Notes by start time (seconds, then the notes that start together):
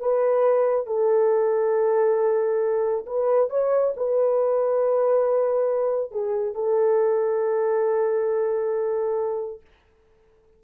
0.00 B4
0.87 A4
3.07 B4
3.50 C#5
3.97 B4
6.12 G#4
6.55 A4